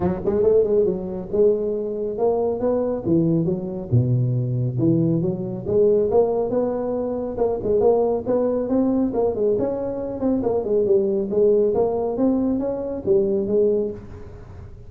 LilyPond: \new Staff \with { instrumentName = "tuba" } { \time 4/4 \tempo 4 = 138 fis8 gis8 a8 gis8 fis4 gis4~ | gis4 ais4 b4 e4 | fis4 b,2 e4 | fis4 gis4 ais4 b4~ |
b4 ais8 gis8 ais4 b4 | c'4 ais8 gis8 cis'4. c'8 | ais8 gis8 g4 gis4 ais4 | c'4 cis'4 g4 gis4 | }